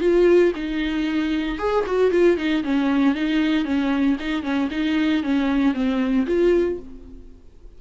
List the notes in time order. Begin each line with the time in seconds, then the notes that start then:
0.00 F4
0.55 D#4
1.58 G#4
1.86 F#4
2.11 F4
2.37 D#4
2.63 C#4
3.15 D#4
3.65 C#4
4.20 D#4
4.43 C#4
4.71 D#4
5.23 C#4
5.74 C4
6.27 F4